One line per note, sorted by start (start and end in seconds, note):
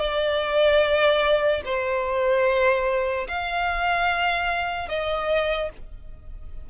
0.00 1.62 D5
1.65 3.28 C5
3.28 4.89 F5
4.89 5.71 D#5